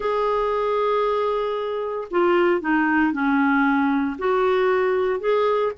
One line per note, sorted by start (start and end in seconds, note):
0.00 2.08 G#4
2.10 2.61 F4
2.61 3.12 D#4
3.12 4.16 C#4
4.18 5.20 F#4
5.20 5.72 G#4